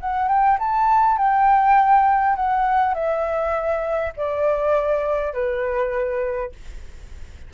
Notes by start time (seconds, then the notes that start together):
0.00 F#5
0.28 G5
0.59 A5
1.17 G5
2.36 F#5
2.94 E5
4.17 D5
5.33 B4